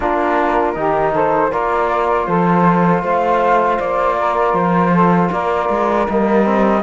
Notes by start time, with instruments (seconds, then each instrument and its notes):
0.00 cello A#3, trombone D4, saxophone F4, flute A#4
0.74 cello D#3, trombone D#4, saxophone G4
1.12 saxophone A4, flute C5
1.50 cello A#3, trombone F4, saxophone A#4, flute D5
2.26 cello F3, saxophone A4, flute C5
3.02 cello A3, saxophone C5, flute F5
3.79 cello A#3, flute D5
4.18 saxophone A#4
4.53 cello F3, flute C5
4.91 saxophone A4
5.31 cello A#3, saxophone A#4, flute D5
5.69 cello G#3
6.08 cello G3, trombone A#3, flute D#5
6.44 trombone C4